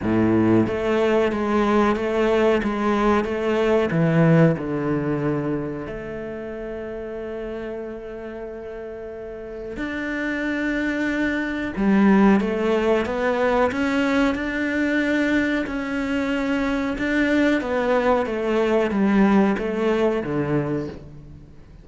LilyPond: \new Staff \with { instrumentName = "cello" } { \time 4/4 \tempo 4 = 92 a,4 a4 gis4 a4 | gis4 a4 e4 d4~ | d4 a2.~ | a2. d'4~ |
d'2 g4 a4 | b4 cis'4 d'2 | cis'2 d'4 b4 | a4 g4 a4 d4 | }